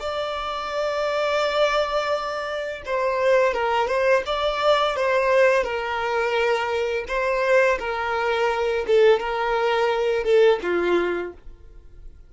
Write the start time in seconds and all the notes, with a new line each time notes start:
0.00 D5
2.86 C5
3.54 A#4
3.88 C5
4.26 D5
4.96 C5
5.64 A#4
7.08 C5
7.79 A#4
8.87 A4
9.20 A#4
10.24 A4
10.63 F4